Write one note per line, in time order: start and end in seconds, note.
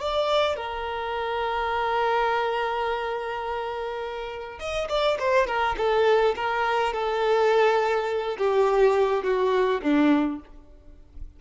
0.00 0.57 D5
0.57 4.60 A#4
4.60 4.89 D#5
4.89 5.18 D5
5.19 5.47 C5
5.47 5.76 A#4
5.77 6.35 A4
6.36 6.93 A#4
6.93 8.38 A4
8.38 9.24 G4
9.24 9.82 F#4
9.82 10.40 D4